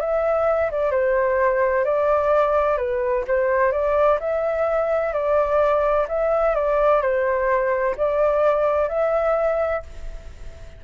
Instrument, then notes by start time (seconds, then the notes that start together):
flute
0.00 E5
0.71 D5
0.91 C5
1.85 D5
2.77 B4
3.27 C5
3.71 D5
4.19 E5
5.13 D5
6.08 E5
6.55 D5
7.01 C5
7.96 D5
8.88 E5